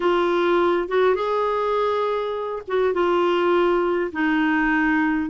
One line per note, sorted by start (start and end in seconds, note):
0.00 0.88 F4
0.88 1.15 F#4
1.15 2.62 G#4
2.67 2.93 F#4
2.93 4.11 F4
4.12 5.29 D#4